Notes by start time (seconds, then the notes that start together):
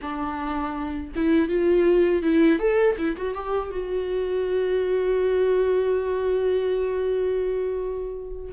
0.01 D4
1.15 E4
1.48 F4
2.22 E4
2.59 A4
2.98 E4
3.16 F#4
3.34 G4
3.70 F#4